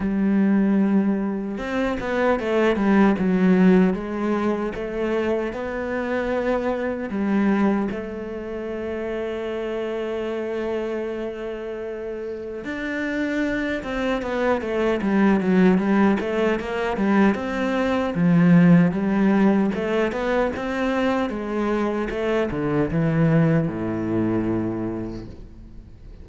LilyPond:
\new Staff \with { instrumentName = "cello" } { \time 4/4 \tempo 4 = 76 g2 c'8 b8 a8 g8 | fis4 gis4 a4 b4~ | b4 g4 a2~ | a1 |
d'4. c'8 b8 a8 g8 fis8 | g8 a8 ais8 g8 c'4 f4 | g4 a8 b8 c'4 gis4 | a8 d8 e4 a,2 | }